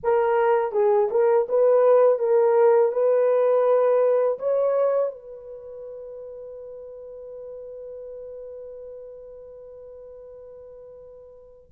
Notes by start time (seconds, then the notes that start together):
0.03 A#4
0.72 G#4
1.10 A#4
1.48 B4
2.19 A#4
2.92 B4
4.38 C#5
5.12 B4